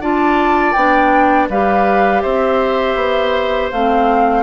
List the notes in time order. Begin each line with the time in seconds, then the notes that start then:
0.00 D4 F4 D5 A5
0.72 B3 D4 G5
1.49 G3 G4 B4 F5
2.22 C4 C5 E5
2.95 B3
3.71 A3 C4 F5